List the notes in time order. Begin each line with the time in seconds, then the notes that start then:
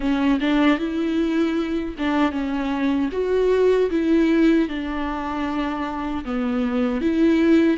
0.00 C#4
0.40 D4
0.78 E4
1.98 D4
2.31 C#4
3.12 F#4
3.90 E4
4.68 D4
6.24 B3
7.01 E4